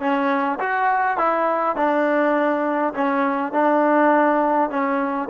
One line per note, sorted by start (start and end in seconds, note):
0.00 0.59 C#4
0.59 1.18 F#4
1.18 1.76 E4
1.76 2.94 D4
2.94 3.52 C#4
3.52 4.70 D4
4.70 5.29 C#4